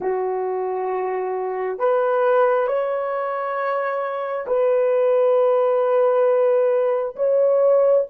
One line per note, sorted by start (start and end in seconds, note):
0.00 1.78 F#4
1.78 2.67 B4
2.67 4.46 C#5
4.47 7.15 B4
7.16 8.05 C#5